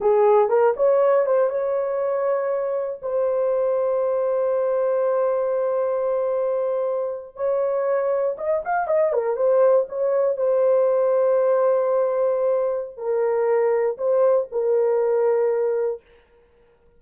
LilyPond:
\new Staff \with { instrumentName = "horn" } { \time 4/4 \tempo 4 = 120 gis'4 ais'8 cis''4 c''8 cis''4~ | cis''2 c''2~ | c''1~ | c''2~ c''8. cis''4~ cis''16~ |
cis''8. dis''8 f''8 dis''8 ais'8 c''4 cis''16~ | cis''8. c''2.~ c''16~ | c''2 ais'2 | c''4 ais'2. | }